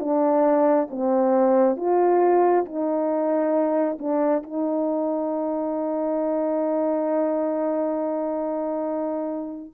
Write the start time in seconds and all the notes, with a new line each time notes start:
0.00 D4
0.90 C4
1.77 F4
2.66 D#4
3.99 D4
4.43 D#4